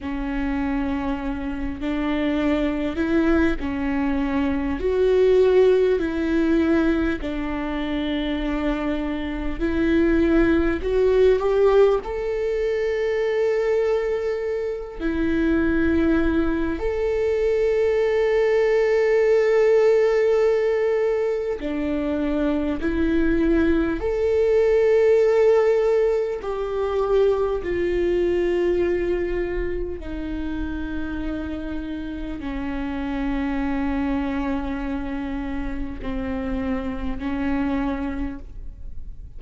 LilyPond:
\new Staff \with { instrumentName = "viola" } { \time 4/4 \tempo 4 = 50 cis'4. d'4 e'8 cis'4 | fis'4 e'4 d'2 | e'4 fis'8 g'8 a'2~ | a'8 e'4. a'2~ |
a'2 d'4 e'4 | a'2 g'4 f'4~ | f'4 dis'2 cis'4~ | cis'2 c'4 cis'4 | }